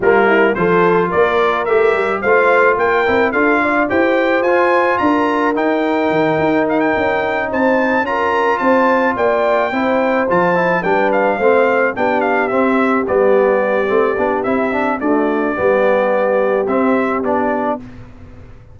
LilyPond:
<<
  \new Staff \with { instrumentName = "trumpet" } { \time 4/4 \tempo 4 = 108 ais'4 c''4 d''4 e''4 | f''4 g''4 f''4 g''4 | gis''4 ais''4 g''2 | f''16 g''4~ g''16 a''4 ais''4 a''8~ |
a''8 g''2 a''4 g''8 | f''4. g''8 f''8 e''4 d''8~ | d''2 e''4 d''4~ | d''2 e''4 d''4 | }
  \new Staff \with { instrumentName = "horn" } { \time 4/4 f'8 e'8 a'4 ais'2 | c''4 ais'4 a'8 d''8 c''4~ | c''4 ais'2.~ | ais'4. c''4 ais'4 c''8~ |
c''8 d''4 c''2 b'8~ | b'8 c''4 g'2~ g'8~ | g'2. fis'4 | g'1 | }
  \new Staff \with { instrumentName = "trombone" } { \time 4/4 ais4 f'2 g'4 | f'4. e'8 f'4 g'4 | f'2 dis'2~ | dis'2~ dis'8 f'4.~ |
f'4. e'4 f'8 e'8 d'8~ | d'8 c'4 d'4 c'4 b8~ | b4 c'8 d'8 e'8 d'8 a4 | b2 c'4 d'4 | }
  \new Staff \with { instrumentName = "tuba" } { \time 4/4 g4 f4 ais4 a8 g8 | a4 ais8 c'8 d'4 e'4 | f'4 d'4 dis'4 dis8 dis'8~ | dis'8 cis'4 c'4 cis'4 c'8~ |
c'8 ais4 c'4 f4 g8~ | g8 a4 b4 c'4 g8~ | g4 a8 b8 c'4 d'4 | g2 c'4 b4 | }
>>